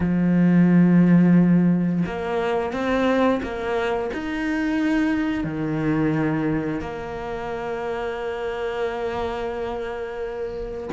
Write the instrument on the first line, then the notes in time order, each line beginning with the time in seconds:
cello
0.00 F3
2.06 A#3
2.72 C4
3.42 A#3
4.13 D#4
5.44 D#3
6.80 A#3